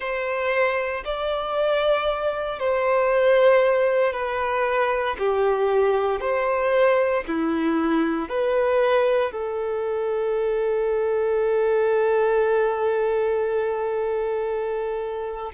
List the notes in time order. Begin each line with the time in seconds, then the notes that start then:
0.00 C5
1.04 D5
2.59 C5
4.12 B4
5.18 G4
6.20 C5
7.27 E4
8.28 B4
9.32 A4